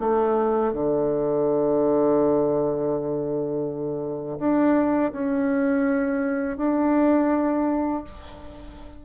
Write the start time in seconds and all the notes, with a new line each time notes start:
0.00 A3
0.73 D3
4.39 D4
5.13 C#4
6.58 D4